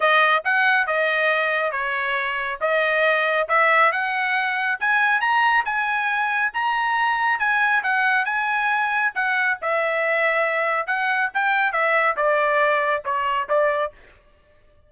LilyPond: \new Staff \with { instrumentName = "trumpet" } { \time 4/4 \tempo 4 = 138 dis''4 fis''4 dis''2 | cis''2 dis''2 | e''4 fis''2 gis''4 | ais''4 gis''2 ais''4~ |
ais''4 gis''4 fis''4 gis''4~ | gis''4 fis''4 e''2~ | e''4 fis''4 g''4 e''4 | d''2 cis''4 d''4 | }